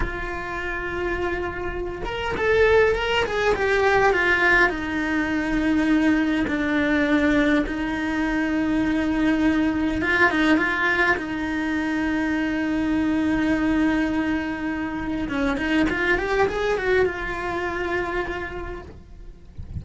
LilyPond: \new Staff \with { instrumentName = "cello" } { \time 4/4 \tempo 4 = 102 f'2.~ f'8 ais'8 | a'4 ais'8 gis'8 g'4 f'4 | dis'2. d'4~ | d'4 dis'2.~ |
dis'4 f'8 dis'8 f'4 dis'4~ | dis'1~ | dis'2 cis'8 dis'8 f'8 g'8 | gis'8 fis'8 f'2. | }